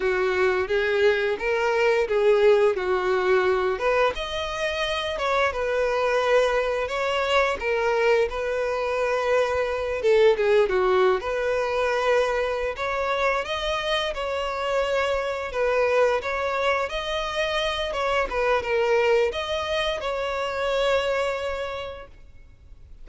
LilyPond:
\new Staff \with { instrumentName = "violin" } { \time 4/4 \tempo 4 = 87 fis'4 gis'4 ais'4 gis'4 | fis'4. b'8 dis''4. cis''8 | b'2 cis''4 ais'4 | b'2~ b'8 a'8 gis'8 fis'8~ |
fis'16 b'2~ b'16 cis''4 dis''8~ | dis''8 cis''2 b'4 cis''8~ | cis''8 dis''4. cis''8 b'8 ais'4 | dis''4 cis''2. | }